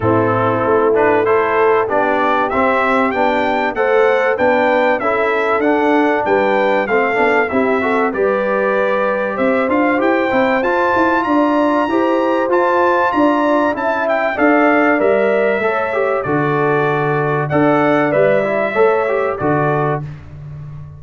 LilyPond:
<<
  \new Staff \with { instrumentName = "trumpet" } { \time 4/4 \tempo 4 = 96 a'4. b'8 c''4 d''4 | e''4 g''4 fis''4 g''4 | e''4 fis''4 g''4 f''4 | e''4 d''2 e''8 f''8 |
g''4 a''4 ais''2 | a''4 ais''4 a''8 g''8 f''4 | e''2 d''2 | fis''4 e''2 d''4 | }
  \new Staff \with { instrumentName = "horn" } { \time 4/4 e'2 a'4 g'4~ | g'2 c''4 b'4 | a'2 b'4 a'4 | g'8 a'8 b'2 c''4~ |
c''2 d''4 c''4~ | c''4 d''4 e''4 d''4~ | d''4 cis''4 a'2 | d''2 cis''4 a'4 | }
  \new Staff \with { instrumentName = "trombone" } { \time 4/4 c'4. d'8 e'4 d'4 | c'4 d'4 a'4 d'4 | e'4 d'2 c'8 d'8 | e'8 fis'8 g'2~ g'8 f'8 |
g'8 e'8 f'2 g'4 | f'2 e'4 a'4 | ais'4 a'8 g'8 fis'2 | a'4 b'8 e'8 a'8 g'8 fis'4 | }
  \new Staff \with { instrumentName = "tuba" } { \time 4/4 a,4 a2 b4 | c'4 b4 a4 b4 | cis'4 d'4 g4 a8 b8 | c'4 g2 c'8 d'8 |
e'8 c'8 f'8 e'8 d'4 e'4 | f'4 d'4 cis'4 d'4 | g4 a4 d2 | d'4 g4 a4 d4 | }
>>